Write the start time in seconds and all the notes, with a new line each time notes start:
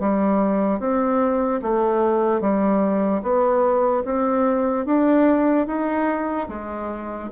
0.00 G3
0.80 C4
1.62 A3
2.41 G3
3.22 B3
4.05 C4
4.86 D4
5.67 D#4
6.49 G#3